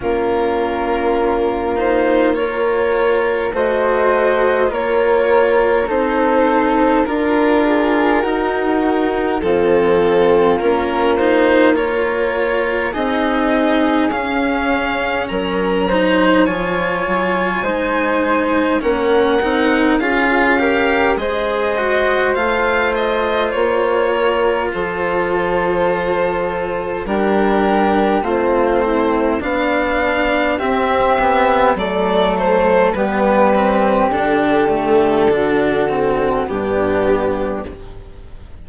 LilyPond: <<
  \new Staff \with { instrumentName = "violin" } { \time 4/4 \tempo 4 = 51 ais'4. c''8 cis''4 dis''4 | cis''4 c''4 ais'2 | a'4 ais'8 c''8 cis''4 dis''4 | f''4 ais''4 gis''2 |
fis''4 f''4 dis''4 f''8 dis''8 | cis''4 c''2 ais'4 | c''4 f''4 e''4 d''8 c''8 | b'4 a'2 g'4 | }
  \new Staff \with { instrumentName = "flute" } { \time 4/4 f'2 ais'4 c''4 | ais'4 a'4 ais'8 gis'8 fis'4 | f'2 ais'4 gis'4~ | gis'4 ais'8 c''8 cis''4 c''4 |
ais'4 gis'8 ais'8 c''2~ | c''8 ais'8 a'2 g'4 | f'8 e'8 d'4 g'4 a'4 | g'2 fis'4 d'4 | }
  \new Staff \with { instrumentName = "cello" } { \time 4/4 cis'4. dis'8 f'4 fis'4 | f'4 dis'4 f'4 dis'4 | c'4 cis'8 dis'8 f'4 dis'4 | cis'4. dis'8 f'4 dis'4 |
cis'8 dis'8 f'8 g'8 gis'8 fis'8 f'4~ | f'2. d'4 | c'4 d'4 c'8 b8 a4 | b8 c'8 d'8 a8 d'8 c'8 b4 | }
  \new Staff \with { instrumentName = "bassoon" } { \time 4/4 ais2. a4 | ais4 c'4 d'4 dis'4 | f4 ais2 c'4 | cis'4 fis4 f8 fis8 gis4 |
ais8 c'8 cis'4 gis4 a4 | ais4 f2 g4 | a4 b4 c'4 fis4 | g4 d2 g,4 | }
>>